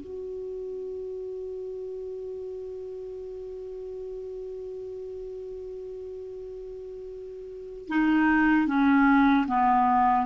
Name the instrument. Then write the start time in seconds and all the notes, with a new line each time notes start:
clarinet
0.00 F#4
7.88 D#4
8.67 C#4
9.47 B3